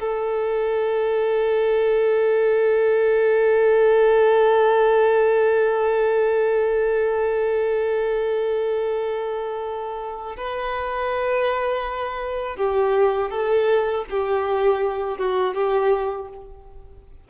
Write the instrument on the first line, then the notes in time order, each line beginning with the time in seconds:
violin
0.00 A4
10.37 B4
12.57 G4
13.31 A4
14.10 G4
15.19 F#4
15.55 G4